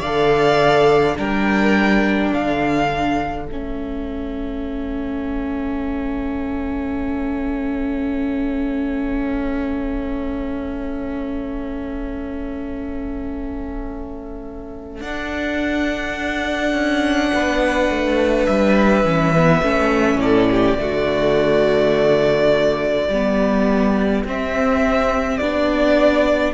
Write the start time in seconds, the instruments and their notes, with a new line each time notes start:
0.00 cello D3, violin D5 F5
0.06 viola A4
1.16 cello G3, viola D4, violin A#4 G5
2.33 cello D3, violin A4 F5
3.48 cello A3, viola C#4, violin E5
15.01 cello D4, viola D4, violin F#5
16.74 cello C#4
17.34 cello B3, violin B4
17.90 cello A3
18.47 cello G3, violin E5
19.04 cello E3, viola C#4
19.37 viola B3
19.63 cello A3, viola C#4
20.17 cello A2, violin A4 D5
20.51 violin G4
20.79 cello D3, viola A3, violin F#4
23.09 cello G3, viola B3, violin G4
24.25 cello C4, viola C4, violin E5
25.38 cello B3, viola D4, violin D5